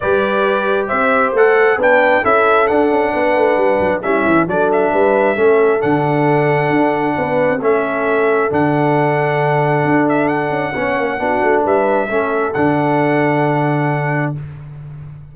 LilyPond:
<<
  \new Staff \with { instrumentName = "trumpet" } { \time 4/4 \tempo 4 = 134 d''2 e''4 fis''4 | g''4 e''4 fis''2~ | fis''4 e''4 d''8 e''4.~ | e''4 fis''2.~ |
fis''4 e''2 fis''4~ | fis''2~ fis''8 e''8 fis''4~ | fis''2 e''2 | fis''1 | }
  \new Staff \with { instrumentName = "horn" } { \time 4/4 b'2 c''2 | b'4 a'2 b'4~ | b'4 e'4 a'4 b'4 | a'1 |
b'4 a'2.~ | a'1 | cis''4 fis'4 b'4 a'4~ | a'1 | }
  \new Staff \with { instrumentName = "trombone" } { \time 4/4 g'2. a'4 | d'4 e'4 d'2~ | d'4 cis'4 d'2 | cis'4 d'2.~ |
d'4 cis'2 d'4~ | d'1 | cis'4 d'2 cis'4 | d'1 | }
  \new Staff \with { instrumentName = "tuba" } { \time 4/4 g2 c'4 a4 | b4 cis'4 d'8 cis'8 b8 a8 | g8 fis8 g8 e8 fis4 g4 | a4 d2 d'4 |
b8. c'16 a2 d4~ | d2 d'4. cis'8 | b8 ais8 b8 a8 g4 a4 | d1 | }
>>